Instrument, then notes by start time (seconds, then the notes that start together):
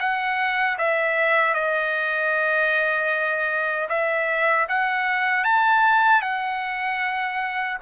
trumpet
0.00 F#5
0.79 E5
1.55 D#5
3.90 E5
4.69 F#5
5.45 A5
6.22 F#5